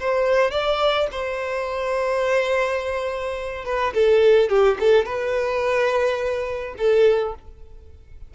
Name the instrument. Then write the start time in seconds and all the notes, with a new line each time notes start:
violin
0.00 C5
0.51 D5
1.12 C5
3.65 B4
3.94 A4
4.50 G4
4.80 A4
5.05 B4
6.78 A4